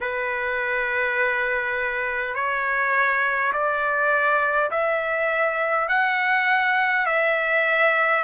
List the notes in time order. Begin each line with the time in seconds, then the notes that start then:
0.01 B4
2.34 C#5
3.52 D5
4.71 E5
5.88 F#5
7.06 E5